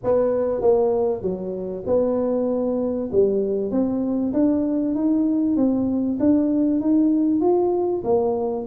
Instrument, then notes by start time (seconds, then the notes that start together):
tuba
0.03 B3
0.61 A#3
1.21 F#3
1.86 B3
3.12 G3
3.71 C4
4.33 D4
4.94 D#4
5.56 C4
6.19 D4
6.80 D#4
7.41 F4
8.04 A#3